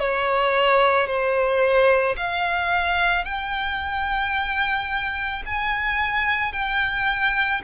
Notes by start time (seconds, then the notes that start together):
0.00 C#5
1.07 C5
2.17 F5
3.25 G5
5.45 G#5
6.53 G5